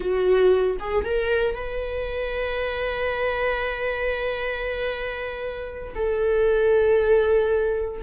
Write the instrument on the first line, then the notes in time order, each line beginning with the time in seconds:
viola
0.00 F#4
0.79 G#4
1.04 A#4
1.54 B4
5.94 A4